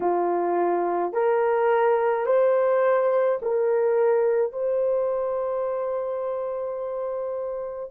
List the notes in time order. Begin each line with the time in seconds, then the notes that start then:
0.00 F4
1.13 A#4
2.26 C5
3.42 A#4
4.52 C5